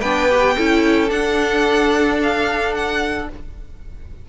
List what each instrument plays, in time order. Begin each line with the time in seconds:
0.00 cello B3, viola D4, violin B4 G5
0.30 viola G4
0.57 cello C#4, viola E4, violin A4
1.08 viola D4, cello D4, violin F#5
2.23 violin F5
2.75 violin F#5